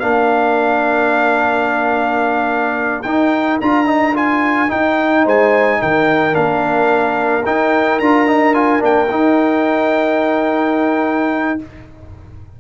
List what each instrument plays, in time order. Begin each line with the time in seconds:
0.00 tuba A#3, trombone D4, horn A#4, trumpet F5
3.03 tuba D#4, trombone D#4, trumpet G5
3.61 tuba D4, trombone F4, trumpet A#5
3.86 trombone D#4
4.15 trombone F4, trumpet G#5
4.69 trombone D#4, tuba D#4, trumpet G5
5.25 tuba G#3, horn C5, trumpet G#5
5.82 tuba D#3, horn A#4, trumpet G5
6.33 tuba A#3, trombone D4, trumpet F5
7.46 trombone D#4, tuba D#4, trumpet G5
8.00 tuba D4, trombone F4, trumpet A#5
8.28 trombone D#4
8.55 trombone F4, trumpet G#5
8.80 tuba A#3, trombone D4, trumpet G5
9.11 tuba D#4, trombone D#4